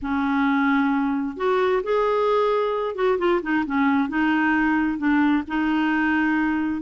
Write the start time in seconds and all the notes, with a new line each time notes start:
0.02 C#4
1.36 F#4
1.83 G#4
2.95 F#4
3.18 F4
3.42 D#4
3.65 C#4
4.08 D#4
4.98 D4
5.47 D#4